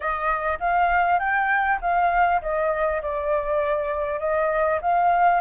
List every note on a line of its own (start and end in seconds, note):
0.00 0.58 D#5
0.59 1.19 F5
1.19 1.79 G5
1.81 2.41 F5
2.41 3.01 D#5
3.02 4.19 D5
4.19 4.79 D#5
4.81 5.41 F5